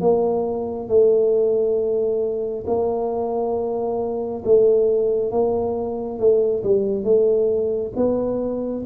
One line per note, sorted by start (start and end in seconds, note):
0.00 0.88 A#3
0.88 2.64 A3
2.66 4.43 A#3
4.45 5.31 A3
5.31 6.19 A#3
6.19 6.63 A3
6.63 7.03 G3
7.03 7.92 A3
7.96 8.84 B3